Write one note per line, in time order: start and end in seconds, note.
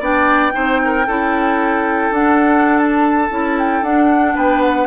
0.00 0.53 B3
0.00 0.52 D4
0.00 0.53 D5
0.00 2.14 G5
0.52 1.07 C4
0.52 1.04 D#4
0.52 0.81 C5
0.84 1.07 A#4
1.07 2.11 C#4
1.07 2.13 E4
1.07 4.35 A4
2.11 3.29 D4
2.11 3.30 D4
2.11 2.78 F#5
2.78 3.57 A5
3.30 3.82 C#4
3.30 3.83 E4
3.58 3.84 G5
3.82 4.35 D4
3.82 4.87 D4
3.82 4.36 F#5
4.35 4.87 B3
4.35 4.87 B4
4.35 4.62 G5
4.62 4.87 F#5